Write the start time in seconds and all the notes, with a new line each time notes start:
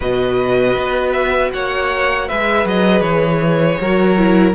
0.00 B2 F#4 B4 D#5
0.76 B3
1.12 E5
1.52 A#3 C#5 F#5
2.28 G#3 G#4 B4 E5
2.65 F#3 D#5
3.00 E3 C#5
3.80 F#3 F#4 A#4
4.18 E4